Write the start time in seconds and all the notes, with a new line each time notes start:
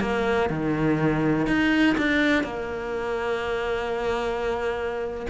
0.00 A#3
0.49 D#3
1.47 D#4
1.97 D4
2.43 A#3